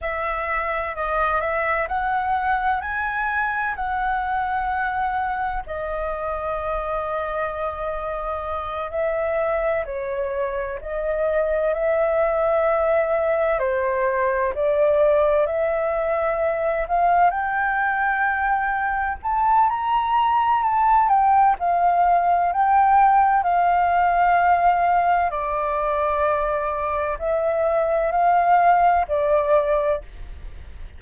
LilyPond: \new Staff \with { instrumentName = "flute" } { \time 4/4 \tempo 4 = 64 e''4 dis''8 e''8 fis''4 gis''4 | fis''2 dis''2~ | dis''4. e''4 cis''4 dis''8~ | dis''8 e''2 c''4 d''8~ |
d''8 e''4. f''8 g''4.~ | g''8 a''8 ais''4 a''8 g''8 f''4 | g''4 f''2 d''4~ | d''4 e''4 f''4 d''4 | }